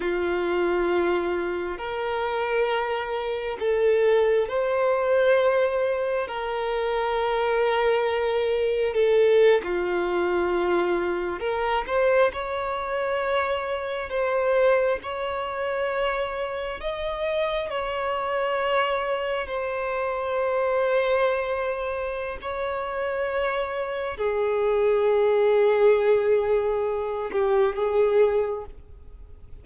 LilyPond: \new Staff \with { instrumentName = "violin" } { \time 4/4 \tempo 4 = 67 f'2 ais'2 | a'4 c''2 ais'4~ | ais'2 a'8. f'4~ f'16~ | f'8. ais'8 c''8 cis''2 c''16~ |
c''8. cis''2 dis''4 cis''16~ | cis''4.~ cis''16 c''2~ c''16~ | c''4 cis''2 gis'4~ | gis'2~ gis'8 g'8 gis'4 | }